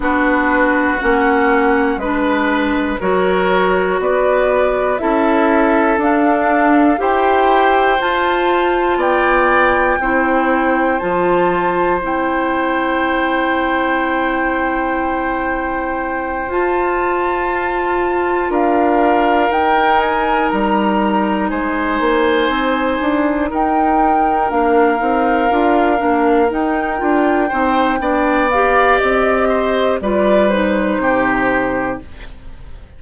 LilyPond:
<<
  \new Staff \with { instrumentName = "flute" } { \time 4/4 \tempo 4 = 60 b'4 fis''4 b'4 cis''4 | d''4 e''4 f''4 g''4 | a''4 g''2 a''4 | g''1~ |
g''8 a''2 f''4 g''8 | gis''8 ais''4 gis''2 g''8~ | g''8 f''2 g''4.~ | g''8 f''8 dis''4 d''8 c''4. | }
  \new Staff \with { instrumentName = "oboe" } { \time 4/4 fis'2 b'4 ais'4 | b'4 a'2 c''4~ | c''4 d''4 c''2~ | c''1~ |
c''2~ c''8 ais'4.~ | ais'4. c''2 ais'8~ | ais'2.~ ais'8 c''8 | d''4. c''8 b'4 g'4 | }
  \new Staff \with { instrumentName = "clarinet" } { \time 4/4 d'4 cis'4 d'4 fis'4~ | fis'4 e'4 d'4 g'4 | f'2 e'4 f'4 | e'1~ |
e'8 f'2. dis'8~ | dis'1~ | dis'8 d'8 dis'8 f'8 d'8 dis'8 f'8 dis'8 | d'8 g'4. f'8 dis'4. | }
  \new Staff \with { instrumentName = "bassoon" } { \time 4/4 b4 ais4 gis4 fis4 | b4 cis'4 d'4 e'4 | f'4 b4 c'4 f4 | c'1~ |
c'8 f'2 d'4 dis'8~ | dis'8 g4 gis8 ais8 c'8 d'8 dis'8~ | dis'8 ais8 c'8 d'8 ais8 dis'8 d'8 c'8 | b4 c'4 g4 c4 | }
>>